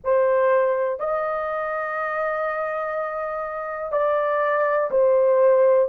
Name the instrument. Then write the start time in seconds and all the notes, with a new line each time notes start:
horn
0.04 C5
0.99 D#5
3.92 D5
4.90 C5